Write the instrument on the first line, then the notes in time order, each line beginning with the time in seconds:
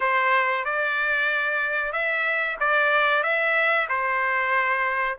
trumpet
0.00 C5
0.65 D5
1.92 E5
2.60 D5
3.23 E5
3.89 C5